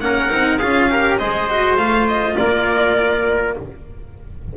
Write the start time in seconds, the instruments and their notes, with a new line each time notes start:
0.00 double bass A#3, cello C#4, trumpet A#4, violin F#5
0.29 double bass C4, cello D#4
0.58 double bass C#4, cello F4, trumpet G#4, violin F5
0.90 cello G4, trumpet A#4
1.18 double bass G#3, cello G#4, trumpet C5, violin D#5
1.49 cello F#4
1.76 double bass A3, cello F4, violin F5
2.08 violin D#5
2.36 double bass A#3, trumpet A#4, violin D5